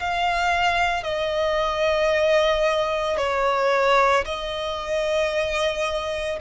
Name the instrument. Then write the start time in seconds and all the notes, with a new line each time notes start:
violin
0.00 F5
1.03 D#5
3.18 C#5
4.25 D#5